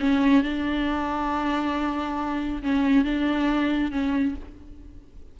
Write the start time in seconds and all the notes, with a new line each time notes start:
0.00 C#4
0.43 D4
2.63 C#4
3.05 D4
3.91 C#4